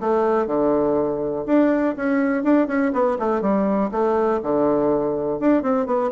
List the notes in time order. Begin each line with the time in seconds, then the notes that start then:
0.00 A3
0.46 D3
1.46 D4
1.96 C#4
2.43 D4
2.67 C#4
2.93 B3
3.19 A3
3.41 G3
3.91 A3
4.42 D3
5.40 D4
5.62 C4
5.86 B3